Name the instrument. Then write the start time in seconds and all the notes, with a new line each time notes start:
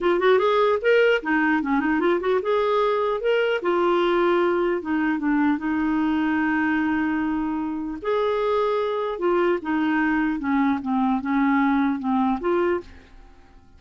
clarinet
0.00 F4
0.19 F#4
0.38 G#4
0.81 A#4
1.22 D#4
1.62 C#4
1.79 D#4
2.00 F4
2.20 F#4
2.42 G#4
3.21 A#4
3.61 F4
4.81 D#4
5.18 D4
5.57 D#4
8.01 G#4
9.18 F4
9.61 D#4
10.39 C#4
10.81 C4
11.21 C#4
11.99 C4
12.40 F4